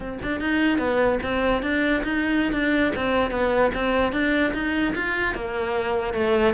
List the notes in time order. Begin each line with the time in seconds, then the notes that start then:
0.00 C4
0.22 D4
0.40 D#4
0.78 B3
1.22 C4
1.62 D4
2.03 D#4
2.52 D4
2.95 C4
3.30 B3
3.74 C4
4.12 D4
4.53 D#4
4.95 F4
5.34 A#3
6.13 A3